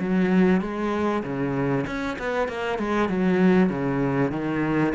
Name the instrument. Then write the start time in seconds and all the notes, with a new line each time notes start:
cello
0.00 F#3
0.61 G#3
1.24 C#3
1.87 C#4
2.19 B3
2.49 A#3
2.79 G#3
3.10 F#3
3.70 C#3
4.32 D#3